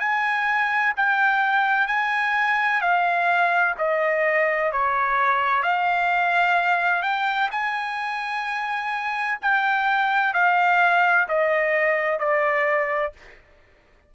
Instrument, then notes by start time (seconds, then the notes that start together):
trumpet
0.00 G#5
0.96 G5
1.87 G#5
2.81 F5
3.78 D#5
4.72 C#5
5.63 F5
7.03 G5
7.51 G#5
9.42 G5
10.34 F5
11.29 D#5
12.19 D5